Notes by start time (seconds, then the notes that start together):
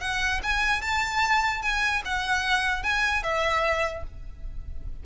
0.00 F#5
0.43 G#5
0.81 A5
1.62 G#5
2.04 F#5
2.83 G#5
3.23 E5